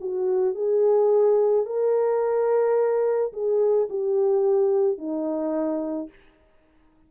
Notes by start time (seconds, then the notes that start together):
0.00 F#4
0.54 G#4
1.65 A#4
3.32 G#4
3.89 G4
4.98 D#4